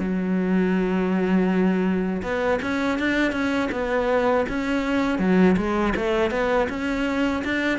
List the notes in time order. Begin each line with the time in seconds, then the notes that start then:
0.00 F#3
2.23 B3
2.63 C#4
2.99 D4
3.33 C#4
3.72 B3
4.49 C#4
5.19 F#3
5.57 G#3
5.97 A3
6.31 B3
6.70 C#4
7.45 D4